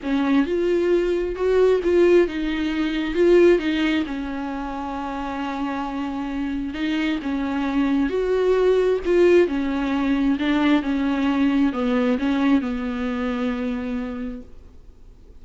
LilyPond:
\new Staff \with { instrumentName = "viola" } { \time 4/4 \tempo 4 = 133 cis'4 f'2 fis'4 | f'4 dis'2 f'4 | dis'4 cis'2.~ | cis'2. dis'4 |
cis'2 fis'2 | f'4 cis'2 d'4 | cis'2 b4 cis'4 | b1 | }